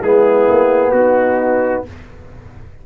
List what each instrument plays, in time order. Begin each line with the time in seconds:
0.00 tuba G#3, trombone B3, horn E4, trumpet G#4
0.49 tuba A#3
0.92 tuba B3, horn D#4, trumpet F#4